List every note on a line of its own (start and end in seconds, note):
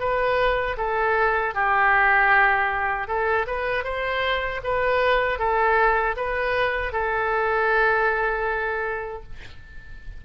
0.00 0.77 B4
0.78 1.55 A4
1.55 3.08 G4
3.08 3.47 A4
3.48 3.85 B4
3.85 4.62 C5
4.64 5.40 B4
5.40 6.16 A4
6.17 6.93 B4
6.93 9.23 A4